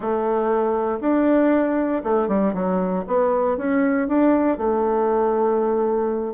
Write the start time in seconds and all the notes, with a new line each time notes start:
0.00 A3
1.00 D4
2.03 A3
2.28 G3
2.53 F#3
3.07 B3
3.57 C#4
4.08 D4
4.57 A3